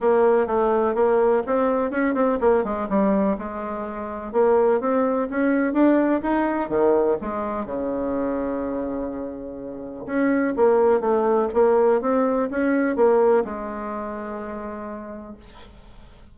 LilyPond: \new Staff \with { instrumentName = "bassoon" } { \time 4/4 \tempo 4 = 125 ais4 a4 ais4 c'4 | cis'8 c'8 ais8 gis8 g4 gis4~ | gis4 ais4 c'4 cis'4 | d'4 dis'4 dis4 gis4 |
cis1~ | cis4 cis'4 ais4 a4 | ais4 c'4 cis'4 ais4 | gis1 | }